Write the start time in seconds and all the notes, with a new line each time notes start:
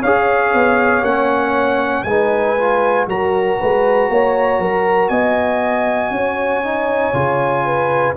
0.00 C#4 G#4 C#5 F5
0.54 B3
1.02 A#3 C#4 F#5
2.04 G#3 D#4 B4 G#5
2.58 F4
3.06 F#3 F#4 A#4 A#5
3.59 G#3 B4
4.09 A#3 C#5
4.59 F#3 A#4
5.09 B3 D#5 G#5
6.11 C#4 C#5
6.64 D#4
7.13 C#3 F4
7.65 B4